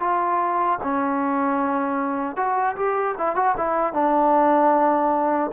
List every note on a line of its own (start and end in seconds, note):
0.00 0.79 F4
0.83 2.36 C#4
2.36 2.76 F#4
2.76 3.15 G4
3.18 3.36 E4
3.36 3.55 F#4
3.57 3.93 E4
3.93 5.51 D4